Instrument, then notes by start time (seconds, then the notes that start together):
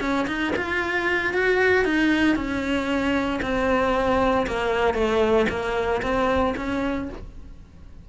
cello
0.00 C#4
0.27 D#4
0.56 F4
1.33 F#4
1.85 D#4
2.35 C#4
3.42 C4
4.46 A#3
4.94 A3
5.49 A#3
6.02 C4
6.56 C#4